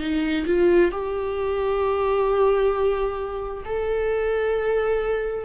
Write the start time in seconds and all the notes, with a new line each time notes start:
0.00 D#4
0.46 F4
0.91 G4
3.65 A4